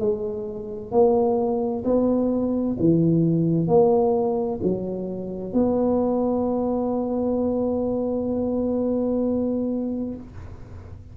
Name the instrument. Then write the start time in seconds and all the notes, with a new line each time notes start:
tuba
0.00 G#3
0.91 A#3
1.85 B3
2.79 E3
3.68 A#3
4.63 F#3
5.53 B3